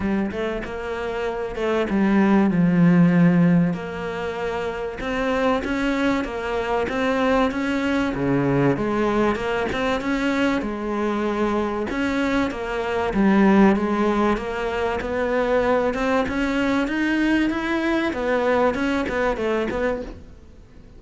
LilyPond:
\new Staff \with { instrumentName = "cello" } { \time 4/4 \tempo 4 = 96 g8 a8 ais4. a8 g4 | f2 ais2 | c'4 cis'4 ais4 c'4 | cis'4 cis4 gis4 ais8 c'8 |
cis'4 gis2 cis'4 | ais4 g4 gis4 ais4 | b4. c'8 cis'4 dis'4 | e'4 b4 cis'8 b8 a8 b8 | }